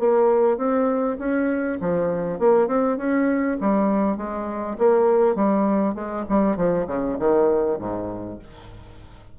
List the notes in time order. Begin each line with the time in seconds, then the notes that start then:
0.00 A#3
0.58 C4
1.19 C#4
1.81 F3
2.39 A#3
2.68 C4
2.98 C#4
3.61 G3
4.17 G#3
4.79 A#3
5.36 G3
5.95 G#3
6.29 G3
6.57 F3
6.88 C#3
7.19 D#3
7.79 G#2